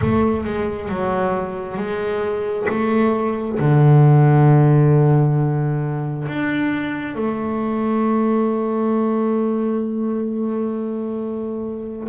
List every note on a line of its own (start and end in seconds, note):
0.01 0.44 A3
0.44 0.88 G#3
0.88 1.77 F#3
1.77 2.66 G#3
2.68 3.58 A3
3.58 6.27 D3
6.27 7.15 D4
7.15 12.07 A3